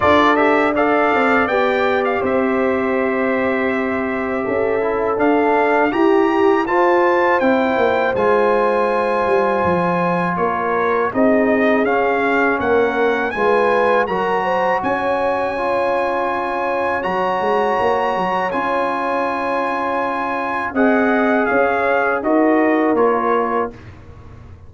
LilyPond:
<<
  \new Staff \with { instrumentName = "trumpet" } { \time 4/4 \tempo 4 = 81 d''8 e''8 f''4 g''8. f''16 e''4~ | e''2. f''4 | ais''4 a''4 g''4 gis''4~ | gis''2 cis''4 dis''4 |
f''4 fis''4 gis''4 ais''4 | gis''2. ais''4~ | ais''4 gis''2. | fis''4 f''4 dis''4 cis''4 | }
  \new Staff \with { instrumentName = "horn" } { \time 4/4 a'4 d''2 c''4~ | c''2 a'2 | g'4 c''2.~ | c''2 ais'4 gis'4~ |
gis'4 ais'4 b'4 ais'8 c''8 | cis''1~ | cis''1 | dis''4 cis''4 ais'2 | }
  \new Staff \with { instrumentName = "trombone" } { \time 4/4 f'8 g'8 a'4 g'2~ | g'2~ g'8 e'8 d'4 | g'4 f'4 e'4 f'4~ | f'2. dis'4 |
cis'2 f'4 fis'4~ | fis'4 f'2 fis'4~ | fis'4 f'2. | gis'2 fis'4 f'4 | }
  \new Staff \with { instrumentName = "tuba" } { \time 4/4 d'4. c'8 b4 c'4~ | c'2 cis'4 d'4 | e'4 f'4 c'8 ais8 gis4~ | gis8 g8 f4 ais4 c'4 |
cis'4 ais4 gis4 fis4 | cis'2. fis8 gis8 | ais8 fis8 cis'2. | c'4 cis'4 dis'4 ais4 | }
>>